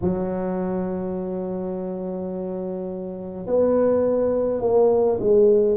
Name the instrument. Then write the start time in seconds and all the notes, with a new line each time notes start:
tuba
0.01 F#3
3.46 B3
4.60 A#3
5.19 G#3